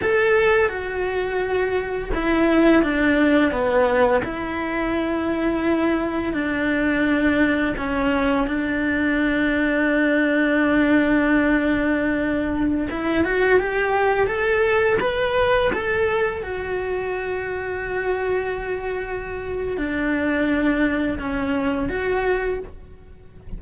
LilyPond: \new Staff \with { instrumentName = "cello" } { \time 4/4 \tempo 4 = 85 a'4 fis'2 e'4 | d'4 b4 e'2~ | e'4 d'2 cis'4 | d'1~ |
d'2~ d'16 e'8 fis'8 g'8.~ | g'16 a'4 b'4 a'4 fis'8.~ | fis'1 | d'2 cis'4 fis'4 | }